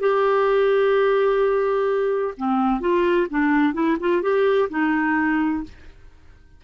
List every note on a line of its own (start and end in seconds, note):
0.00 2.34 G4
2.37 2.80 C4
2.80 3.27 F4
3.30 3.74 D4
3.74 3.97 E4
4.00 4.22 F4
4.22 4.69 G4
4.70 5.63 D#4